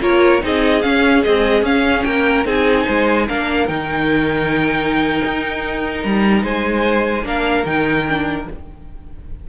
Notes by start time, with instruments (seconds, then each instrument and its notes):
0.00 cello A#3, viola F4, violin A#4 C#5
0.40 cello C4, viola D#4, violin G#4 D#5
0.82 viola C#4, cello C#4, violin F5
1.23 viola G#3, cello C4, violin D#5
1.62 cello C#4, viola C#4, violin F5
2.03 cello A#3, violin A#4 G5
2.45 cello C4, viola D#4, violin G#4 G#5
2.85 cello G#3, violin C5
3.27 cello A#3, viola D4, violin A#4 F5
3.67 cello D#3, viola D#4, violin G5
5.24 cello D#4
6.02 cello G3, violin A#5
6.43 cello G#3, violin C5 G#5
7.22 cello A#3, viola D4, violin A#4 F5
7.65 cello D#3, viola D#4, violin G5
8.08 viola D4